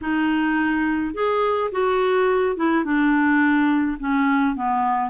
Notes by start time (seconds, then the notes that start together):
0.01 D#4
1.14 G#4
1.71 F#4
2.56 E4
2.84 D4
3.99 C#4
4.55 B3